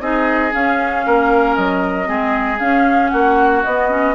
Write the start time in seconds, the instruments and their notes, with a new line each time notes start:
0.00 bassoon C4, clarinet D#4, oboe G#4, flute D#5
0.51 clarinet C#4, bassoon C#4, flute F5
1.06 bassoon A#3, oboe A#4
1.55 bassoon F#3, flute D#5
2.05 bassoon G#3, clarinet C4, oboe G#4
2.59 bassoon C#4, clarinet C#4, flute F5
3.09 bassoon A#3, oboe F#4, flute F#5
3.63 bassoon B3, clarinet B3, flute D#5
3.89 clarinet C#4